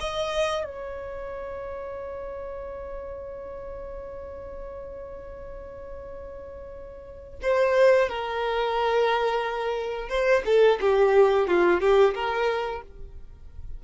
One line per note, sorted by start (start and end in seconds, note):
0.00 0.65 D#5
0.65 7.39 C#5
7.42 8.09 C5
8.09 10.09 A#4
10.09 10.42 C5
10.46 10.79 A4
10.80 11.48 G4
11.48 11.80 F4
11.80 12.14 G4
12.14 12.82 A#4